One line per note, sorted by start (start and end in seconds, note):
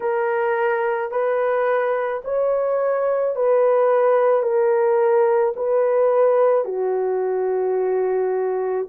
0.00 1.11 A#4
1.11 2.22 B4
2.24 3.35 C#5
3.35 4.42 B4
4.42 5.53 A#4
5.56 6.65 B4
6.65 8.87 F#4